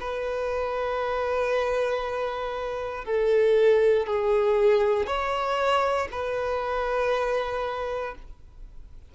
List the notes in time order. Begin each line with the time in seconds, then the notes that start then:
0.00 B4
3.05 A4
4.07 G#4
5.06 C#5
6.12 B4